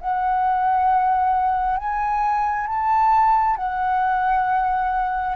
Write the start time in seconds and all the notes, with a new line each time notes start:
0.00 F#5
1.77 G#5
2.67 A5
3.56 F#5